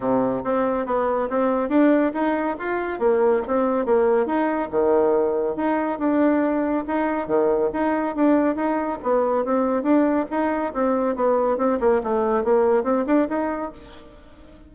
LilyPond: \new Staff \with { instrumentName = "bassoon" } { \time 4/4 \tempo 4 = 140 c4 c'4 b4 c'4 | d'4 dis'4 f'4 ais4 | c'4 ais4 dis'4 dis4~ | dis4 dis'4 d'2 |
dis'4 dis4 dis'4 d'4 | dis'4 b4 c'4 d'4 | dis'4 c'4 b4 c'8 ais8 | a4 ais4 c'8 d'8 dis'4 | }